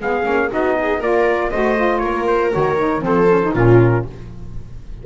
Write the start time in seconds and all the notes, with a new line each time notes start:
0.00 G#3 B3 G#4 F5
0.24 A#3 C#4
0.50 B3 D#4 F#4 D#5
0.79 G#4
0.99 A#3 F4 A#4 D5
1.50 A3 F#4 C5 D#5
1.76 F4
1.99 A#3 A#4 C#5
2.27 C5
2.52 D#3 F#4 C#5
2.78 D#4
3.01 F3 C4 A4 C5
3.29 C#4
3.44 D#4
3.54 A#2 C#4 F4 A#4